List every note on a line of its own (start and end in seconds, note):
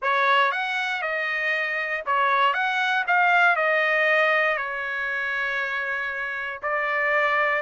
0.02 0.51 C#5
0.51 1.02 F#5
1.02 2.03 D#5
2.06 2.53 C#5
2.53 3.04 F#5
3.07 3.56 F5
3.56 4.57 D#5
4.57 6.60 C#5
6.62 7.62 D5